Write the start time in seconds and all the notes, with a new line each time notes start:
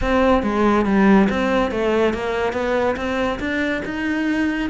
0.01 C4
0.43 G#3
0.85 G3
1.29 C4
1.71 A3
2.13 A#3
2.53 B3
2.96 C4
3.39 D4
3.85 D#4